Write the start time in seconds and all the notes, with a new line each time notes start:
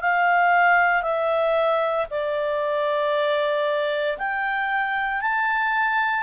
0.00 F5
1.02 E5
2.10 D5
4.18 G5
5.21 A5